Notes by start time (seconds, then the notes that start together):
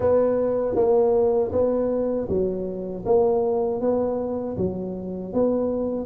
0.00 B3
0.75 A#3
1.52 B3
2.28 F#3
3.05 A#3
3.80 B3
4.57 F#3
5.33 B3